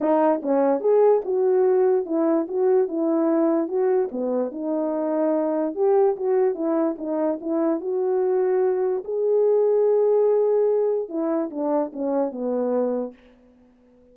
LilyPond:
\new Staff \with { instrumentName = "horn" } { \time 4/4 \tempo 4 = 146 dis'4 cis'4 gis'4 fis'4~ | fis'4 e'4 fis'4 e'4~ | e'4 fis'4 b4 dis'4~ | dis'2 g'4 fis'4 |
e'4 dis'4 e'4 fis'4~ | fis'2 gis'2~ | gis'2. e'4 | d'4 cis'4 b2 | }